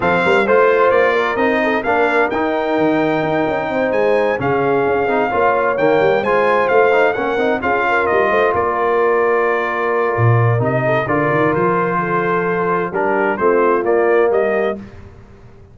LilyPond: <<
  \new Staff \with { instrumentName = "trumpet" } { \time 4/4 \tempo 4 = 130 f''4 c''4 d''4 dis''4 | f''4 g''2.~ | g''8 gis''4 f''2~ f''8~ | f''8 g''4 gis''4 f''4 fis''8~ |
fis''8 f''4 dis''4 d''4.~ | d''2. dis''4 | d''4 c''2. | ais'4 c''4 d''4 dis''4 | }
  \new Staff \with { instrumentName = "horn" } { \time 4/4 a'8 ais'8 c''4. ais'4 a'8 | ais'1 | c''4. gis'2 cis''8~ | cis''4. c''2 ais'8~ |
ais'8 gis'8 ais'4 c''8 ais'4.~ | ais'2.~ ais'8 a'8 | ais'2 a'2 | g'4 f'2 g'4 | }
  \new Staff \with { instrumentName = "trombone" } { \time 4/4 c'4 f'2 dis'4 | d'4 dis'2.~ | dis'4. cis'4. dis'8 f'8~ | f'8 ais4 f'4. dis'8 cis'8 |
dis'8 f'2.~ f'8~ | f'2. dis'4 | f'1 | d'4 c'4 ais2 | }
  \new Staff \with { instrumentName = "tuba" } { \time 4/4 f8 g8 a4 ais4 c'4 | ais4 dis'4 dis4 dis'8 cis'8 | c'8 gis4 cis4 cis'8 c'8 ais8~ | ais8 dis8 g8 gis4 a4 ais8 |
c'8 cis'4 g8 a8 ais4.~ | ais2 ais,4 c4 | d8 dis8 f2. | g4 a4 ais4 g4 | }
>>